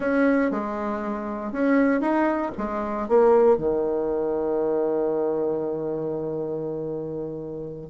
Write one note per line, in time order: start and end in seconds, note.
0.00 0.51 C#4
0.51 1.52 G#3
1.52 2.00 C#4
2.00 2.51 D#4
2.57 3.08 G#3
3.08 3.57 A#3
3.57 7.89 D#3